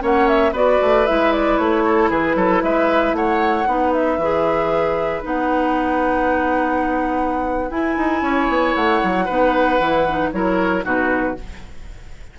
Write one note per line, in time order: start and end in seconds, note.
0.00 0.52 A#3
0.00 0.52 C#4
0.00 0.52 C#5
0.00 0.27 F#5
0.27 0.53 E5
0.52 0.78 B3
0.52 1.06 F#4
0.52 1.83 B4
0.52 1.06 D5
0.81 1.07 A3
1.06 1.58 G#3
1.06 3.66 E4
1.06 1.32 E5
1.32 1.57 D5
1.57 2.10 A3
1.57 2.09 C#5
1.86 2.09 A4
2.09 2.35 E3
2.09 2.36 G#4
2.09 2.63 B4
2.35 2.61 F#3
2.35 2.62 A4
2.62 3.12 G#3
2.62 3.16 B4
2.62 3.15 E5
3.12 3.64 A3
3.12 3.68 C#5
3.12 3.92 F#5
3.66 4.17 B3
3.66 4.18 D#4
3.66 8.22 B4
3.92 5.23 E5
4.17 5.22 E3
4.17 5.22 G#4
5.22 7.70 B3
5.22 7.70 D#4
5.22 7.71 F#5
7.70 7.96 E4
7.70 9.27 E4
7.70 8.75 G#5
7.97 8.21 D#4
8.21 8.47 C#4
8.21 9.25 C#5
8.48 8.75 B3
8.75 9.02 A3
8.75 10.31 F#5
9.03 9.29 F#3
9.25 9.79 B3
9.25 9.81 D#4
9.25 10.29 B4
9.79 10.32 E3
9.79 10.07 E4
10.09 10.32 D#4
10.32 10.84 F#3
10.32 10.82 E4
10.32 10.85 A#4
10.32 10.84 C#5
10.82 11.36 B2
10.82 11.35 D#4
10.82 11.37 F#4
10.82 11.39 B4